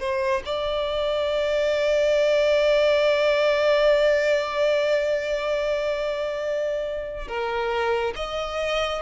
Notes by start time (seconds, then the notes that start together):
0.00 C5
0.46 D5
7.28 A#4
8.16 D#5